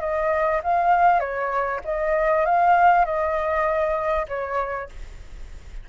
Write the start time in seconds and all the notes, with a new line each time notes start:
0.00 D#5
0.63 F5
1.19 C#5
1.85 D#5
2.45 F5
3.05 D#5
4.28 C#5